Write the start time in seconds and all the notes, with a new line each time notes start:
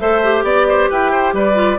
0.00 A3 A4 C5 E5
0.24 G4
0.44 B3 D5
0.69 C5
0.91 E4 B4 G5
1.12 C5
1.33 G3 B4 D5
1.55 F4